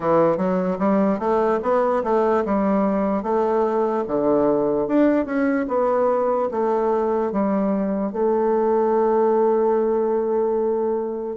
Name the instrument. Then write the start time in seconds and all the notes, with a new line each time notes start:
bassoon
0.00 E3
0.37 F#3
0.78 G3
1.19 A3
1.62 B3
2.03 A3
2.45 G3
3.22 A3
4.07 D3
4.87 D4
5.25 C#4
5.68 B3
6.51 A3
7.32 G3
8.12 A3